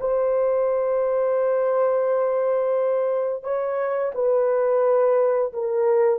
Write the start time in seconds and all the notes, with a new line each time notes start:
0.00 C5
3.43 C#5
4.14 B4
5.53 A#4